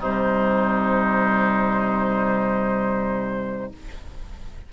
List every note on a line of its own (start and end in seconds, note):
0.00 3.71 C3
0.00 3.73 G3
0.00 3.70 D#4
0.00 3.72 C5